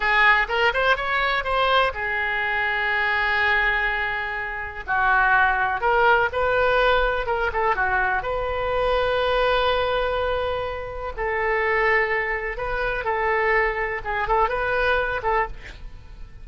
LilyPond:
\new Staff \with { instrumentName = "oboe" } { \time 4/4 \tempo 4 = 124 gis'4 ais'8 c''8 cis''4 c''4 | gis'1~ | gis'2 fis'2 | ais'4 b'2 ais'8 a'8 |
fis'4 b'2.~ | b'2. a'4~ | a'2 b'4 a'4~ | a'4 gis'8 a'8 b'4. a'8 | }